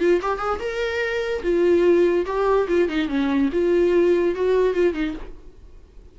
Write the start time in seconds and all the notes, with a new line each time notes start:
0.00 F4
0.22 G4
0.39 G#4
0.60 A#4
1.43 F4
2.26 G4
2.68 F4
2.89 D#4
3.09 C#4
3.53 F4
4.35 F#4
4.74 F4
4.94 D#4